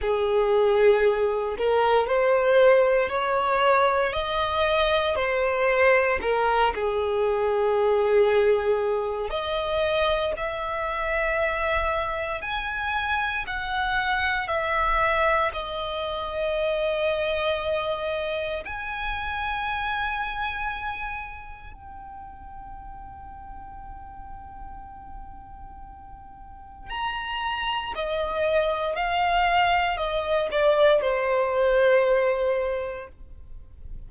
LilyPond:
\new Staff \with { instrumentName = "violin" } { \time 4/4 \tempo 4 = 58 gis'4. ais'8 c''4 cis''4 | dis''4 c''4 ais'8 gis'4.~ | gis'4 dis''4 e''2 | gis''4 fis''4 e''4 dis''4~ |
dis''2 gis''2~ | gis''4 g''2.~ | g''2 ais''4 dis''4 | f''4 dis''8 d''8 c''2 | }